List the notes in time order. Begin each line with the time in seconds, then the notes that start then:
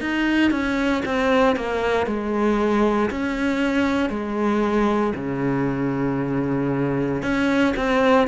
0.00 D#4
0.51 C#4
1.05 C4
1.56 A#3
2.06 G#3
3.10 C#4
4.10 G#3
5.15 C#3
7.22 C#4
7.76 C4